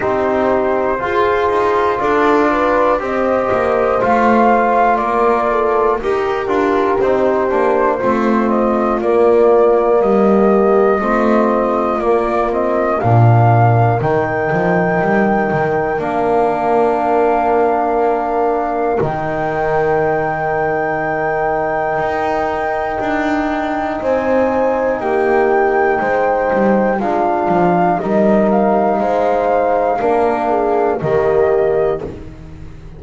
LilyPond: <<
  \new Staff \with { instrumentName = "flute" } { \time 4/4 \tempo 4 = 60 c''2 d''4 dis''4 | f''4 d''4 ais'4 c''4~ | c''8 dis''8 d''4 dis''2 | d''8 dis''8 f''4 g''2 |
f''2. g''4~ | g''1 | gis''4 g''2 f''4 | dis''8 f''2~ f''8 dis''4 | }
  \new Staff \with { instrumentName = "horn" } { \time 4/4 g'4 gis'4 a'8 b'8 c''4~ | c''4 ais'8 a'8 g'2 | f'2 g'4 f'4~ | f'4 ais'2.~ |
ais'1~ | ais'1 | c''4 g'4 c''4 f'4 | ais'4 c''4 ais'8 gis'8 g'4 | }
  \new Staff \with { instrumentName = "trombone" } { \time 4/4 dis'4 f'2 g'4 | f'2 g'8 f'8 dis'8 d'8 | c'4 ais2 c'4 | ais8 c'8 d'4 dis'2 |
d'2. dis'4~ | dis'1~ | dis'2. d'4 | dis'2 d'4 ais4 | }
  \new Staff \with { instrumentName = "double bass" } { \time 4/4 c'4 f'8 dis'8 d'4 c'8 ais8 | a4 ais4 dis'8 d'8 c'8 ais8 | a4 ais4 g4 a4 | ais4 ais,4 dis8 f8 g8 dis8 |
ais2. dis4~ | dis2 dis'4 d'4 | c'4 ais4 gis8 g8 gis8 f8 | g4 gis4 ais4 dis4 | }
>>